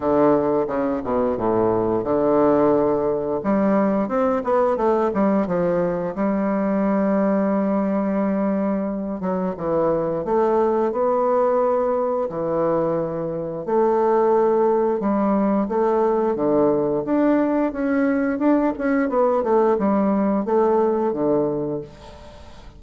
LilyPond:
\new Staff \with { instrumentName = "bassoon" } { \time 4/4 \tempo 4 = 88 d4 cis8 b,8 a,4 d4~ | d4 g4 c'8 b8 a8 g8 | f4 g2.~ | g4. fis8 e4 a4 |
b2 e2 | a2 g4 a4 | d4 d'4 cis'4 d'8 cis'8 | b8 a8 g4 a4 d4 | }